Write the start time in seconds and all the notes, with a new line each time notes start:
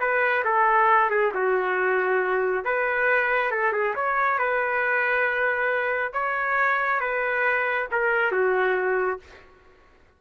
0.00 B4
0.45 A4
1.10 G#4
1.34 F#4
2.65 B4
3.51 A4
3.73 G#4
3.95 C#5
4.39 B4
6.13 C#5
7.00 B4
7.91 A#4
8.32 F#4